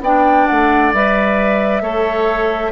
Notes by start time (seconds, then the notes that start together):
0.00 B3 D4 D5 G5
0.47 A3 F#5
0.93 G3 B4 E5
1.81 A3 A4 C#5